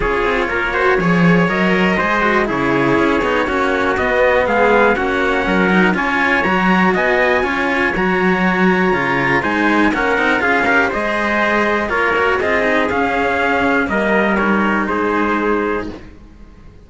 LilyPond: <<
  \new Staff \with { instrumentName = "trumpet" } { \time 4/4 \tempo 4 = 121 cis''2. dis''4~ | dis''4 cis''2. | dis''4 f''4 fis''2 | gis''4 ais''4 gis''2 |
ais''2. gis''4 | fis''4 f''4 dis''2 | cis''4 dis''4 f''2 | dis''4 cis''4 c''2 | }
  \new Staff \with { instrumentName = "trumpet" } { \time 4/4 gis'4 ais'8 c''8 cis''2 | c''4 gis'2 fis'4~ | fis'4 gis'4 fis'4 ais'4 | cis''2 dis''4 cis''4~ |
cis''2. c''4 | ais'4 gis'8 ais'8 c''2 | ais'4 gis'2. | ais'2 gis'2 | }
  \new Staff \with { instrumentName = "cello" } { \time 4/4 f'4. fis'8 gis'4 ais'4 | gis'8 fis'8 e'4. dis'8 cis'4 | b2 cis'4. dis'8 | f'4 fis'2 f'4 |
fis'2 f'4 dis'4 | cis'8 dis'8 f'8 g'8 gis'2 | f'8 fis'8 f'8 dis'8 cis'2 | ais4 dis'2. | }
  \new Staff \with { instrumentName = "cello" } { \time 4/4 cis'8 c'8 ais4 f4 fis4 | gis4 cis4 cis'8 b8 ais4 | b4 gis4 ais4 fis4 | cis'4 fis4 b4 cis'4 |
fis2 cis4 gis4 | ais8 c'8 cis'4 gis2 | ais4 c'4 cis'2 | g2 gis2 | }
>>